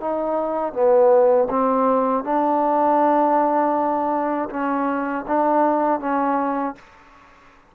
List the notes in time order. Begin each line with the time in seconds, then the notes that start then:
0.00 D#4
0.73 B3
1.49 C4
2.24 D4
4.50 C#4
5.27 D4
6.00 C#4